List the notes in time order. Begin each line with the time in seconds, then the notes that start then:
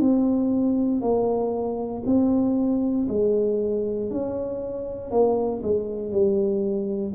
0.00 C4
1.01 A#3
2.06 C4
3.09 G#3
4.10 C#4
5.11 A#3
5.63 G#3
6.12 G3